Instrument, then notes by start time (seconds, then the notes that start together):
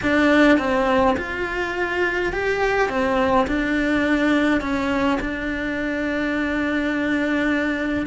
cello
0.02 D4
0.58 C4
1.17 F4
2.32 G4
2.89 C4
3.47 D4
4.60 C#4
5.20 D4